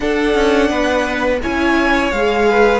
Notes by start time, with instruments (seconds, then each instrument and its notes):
0.00 viola D4, cello D4, violin A4 F#5
0.34 cello C#4
0.68 cello B3, violin B4
1.42 cello C#4, viola E4, violin C#5 G#5
2.11 cello G#3, viola G#4, violin F5
2.50 violin B4